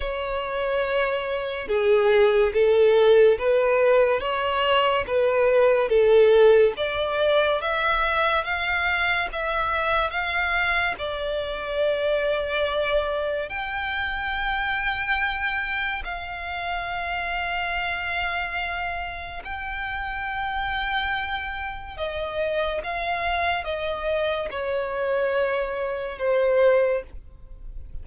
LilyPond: \new Staff \with { instrumentName = "violin" } { \time 4/4 \tempo 4 = 71 cis''2 gis'4 a'4 | b'4 cis''4 b'4 a'4 | d''4 e''4 f''4 e''4 | f''4 d''2. |
g''2. f''4~ | f''2. g''4~ | g''2 dis''4 f''4 | dis''4 cis''2 c''4 | }